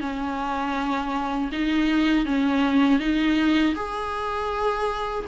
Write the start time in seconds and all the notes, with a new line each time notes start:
0.00 C#4
1.51 D#4
2.25 C#4
2.99 D#4
3.75 G#4